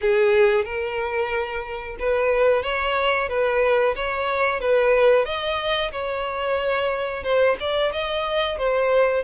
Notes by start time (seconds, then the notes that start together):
0.01 G#4
0.64 A#4
1.99 B4
2.63 C#5
3.28 B4
3.95 C#5
4.60 B4
5.25 D#5
5.91 C#5
7.23 C5
7.60 D5
7.92 D#5
8.57 C5